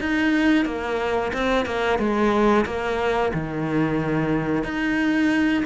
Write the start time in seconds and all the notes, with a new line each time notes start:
0.00 D#4
0.65 A#3
1.33 C4
1.66 A#3
1.99 G#3
2.65 A#3
3.34 D#3
4.64 D#4